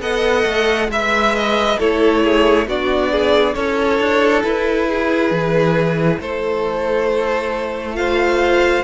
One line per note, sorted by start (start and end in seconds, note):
0.00 0.44 B3
0.00 0.89 A4
0.00 0.90 D#5
0.00 0.90 F#5
0.45 0.88 A3
0.88 1.76 G#3
0.88 1.80 B4
0.88 1.79 E5
0.88 1.35 E5
1.35 1.79 D#5
1.79 2.67 A3
1.79 2.68 E4
1.79 2.23 A4
1.79 2.68 C#5
2.23 2.67 G#4
2.67 3.55 B3
2.67 3.56 D4
2.67 3.12 F#4
2.67 3.54 D5
3.12 3.55 G#4
3.54 3.99 C#4
3.54 7.95 E4
3.54 4.87 A4
3.54 4.42 C#5
3.99 4.43 D4
4.44 5.31 E4
4.44 6.20 B4
4.87 6.20 G#4
5.31 6.19 E3
6.19 8.84 A3
6.19 7.97 A4
6.19 7.96 C5
7.95 8.83 F4
7.95 8.84 C5
7.95 8.84 F5